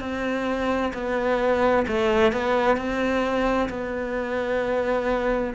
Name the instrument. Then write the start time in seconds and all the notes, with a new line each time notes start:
cello
0.00 C4
0.94 B3
1.88 A3
2.32 B3
2.77 C4
3.69 B3